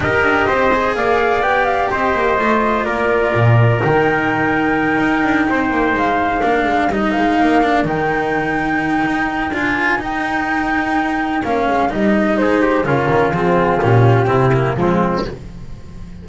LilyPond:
<<
  \new Staff \with { instrumentName = "flute" } { \time 4/4 \tempo 4 = 126 dis''2 f''4 g''8 f''8 | dis''2 d''2 | g''1~ | g''8 f''2 dis''8 f''4~ |
f''8 g''2.~ g''8 | gis''4 g''2. | f''4 dis''4 c''4 ais'4 | gis'4 g'2 f'4 | }
  \new Staff \with { instrumentName = "trumpet" } { \time 4/4 ais'4 c''4 d''2 | c''2 ais'2~ | ais'2.~ ais'8 c''8~ | c''4. ais'2~ ais'8~ |
ais'1~ | ais'1~ | ais'2 gis'8 g'8 f'4~ | f'2 e'4 c'4 | }
  \new Staff \with { instrumentName = "cello" } { \time 4/4 g'4. gis'4. g'4~ | g'4 f'2. | dis'1~ | dis'4. d'4 dis'4. |
d'8 dis'2.~ dis'8 | f'4 dis'2. | cis'4 dis'2 cis'4 | c'4 cis'4 c'8 ais8 gis4 | }
  \new Staff \with { instrumentName = "double bass" } { \time 4/4 dis'8 d'8 c'4 ais4 b4 | c'8 ais8 a4 ais4 ais,4 | dis2~ dis8 dis'8 d'8 c'8 | ais8 gis4 ais8 gis8 g8 gis8 ais8~ |
ais8 dis2~ dis8 dis'4 | d'4 dis'2. | ais8 gis8 g4 gis4 cis8 dis8 | f4 ais,4 c4 f4 | }
>>